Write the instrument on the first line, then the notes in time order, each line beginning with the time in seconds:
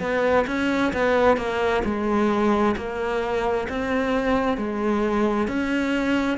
cello
0.00 B3
0.47 C#4
0.93 B3
1.37 A#3
1.85 G#3
2.76 A#3
3.69 C4
4.57 G#3
5.48 C#4